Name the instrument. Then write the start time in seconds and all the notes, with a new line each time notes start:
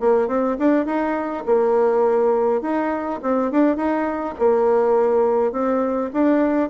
bassoon
0.00 A#3
0.28 C4
0.59 D4
0.86 D#4
1.46 A#3
2.62 D#4
3.23 C4
3.51 D4
3.77 D#4
4.39 A#3
5.52 C4
6.13 D4